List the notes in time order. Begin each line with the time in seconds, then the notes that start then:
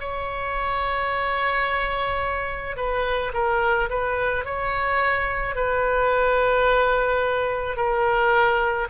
0.00 C#5
2.77 B4
3.33 A#4
3.89 B4
4.45 C#5
5.56 B4
7.76 A#4